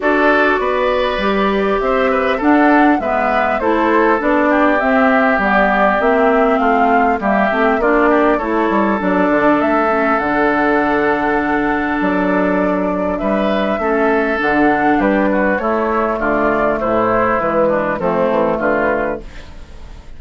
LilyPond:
<<
  \new Staff \with { instrumentName = "flute" } { \time 4/4 \tempo 4 = 100 d''2. e''4 | fis''4 e''4 c''4 d''4 | e''4 d''4 e''4 f''4 | e''4 d''4 cis''4 d''4 |
e''4 fis''2. | d''2 e''2 | fis''4 b'4 cis''4 d''4 | c''4 b'4 a'4 b'4 | }
  \new Staff \with { instrumentName = "oboe" } { \time 4/4 a'4 b'2 c''8 b'8 | a'4 b'4 a'4. g'8~ | g'2. f'4 | g'4 f'8 g'8 a'2~ |
a'1~ | a'2 b'4 a'4~ | a'4 g'8 fis'8 e'4 f'4 | e'4. d'8 c'4 f'4 | }
  \new Staff \with { instrumentName = "clarinet" } { \time 4/4 fis'2 g'2 | d'4 b4 e'4 d'4 | c'4 b4 c'2 | ais8 c'8 d'4 e'4 d'4~ |
d'8 cis'8 d'2.~ | d'2. cis'4 | d'2 a2~ | a4 gis4 a2 | }
  \new Staff \with { instrumentName = "bassoon" } { \time 4/4 d'4 b4 g4 c'4 | d'4 gis4 a4 b4 | c'4 g4 ais4 a4 | g8 a8 ais4 a8 g8 fis8 d8 |
a4 d2. | fis2 g4 a4 | d4 g4 a4 d4 | a,4 e4 f8 e8 d4 | }
>>